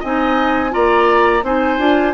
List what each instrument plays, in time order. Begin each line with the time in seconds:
0.00 bassoon C4, clarinet D#4, oboe D#5, flute G#5
0.71 bassoon A#3, clarinet F4, oboe D5, flute A#5
1.44 bassoon C4, clarinet D#4, oboe C5, flute G#5
1.79 bassoon D4, clarinet F4